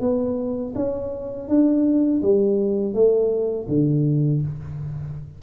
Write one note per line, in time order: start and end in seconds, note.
0.00 0.73 B3
0.75 1.48 C#4
1.48 2.21 D4
2.22 2.94 G3
2.94 3.67 A3
3.69 4.42 D3